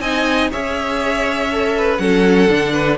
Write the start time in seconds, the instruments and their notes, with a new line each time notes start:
0.00 cello C4, viola D#4, violin D#5 G#5
0.51 cello C#4, viola G#4, violin C#5 E5
1.52 viola A4
1.77 violin B4
1.97 cello F#3, viola C#4, violin A4 F#5
2.48 cello D3, viola D4
2.73 violin B4